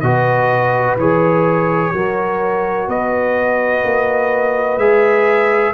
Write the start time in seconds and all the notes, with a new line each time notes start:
0.00 B2 F#4 B4 D#5
0.96 E3 G#4 C#5
1.93 F#3 F#4 A#4
2.87 B3 B4 D#5
3.84 A#3
4.77 G#3 G#4 E5